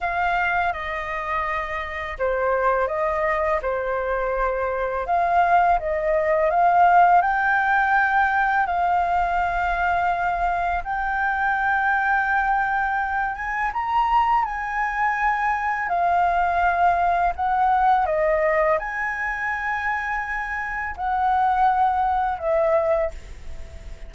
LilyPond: \new Staff \with { instrumentName = "flute" } { \time 4/4 \tempo 4 = 83 f''4 dis''2 c''4 | dis''4 c''2 f''4 | dis''4 f''4 g''2 | f''2. g''4~ |
g''2~ g''8 gis''8 ais''4 | gis''2 f''2 | fis''4 dis''4 gis''2~ | gis''4 fis''2 e''4 | }